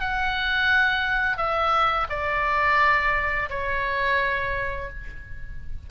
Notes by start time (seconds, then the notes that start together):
0.00 F#5
1.37 E5
2.10 D5
3.50 C#5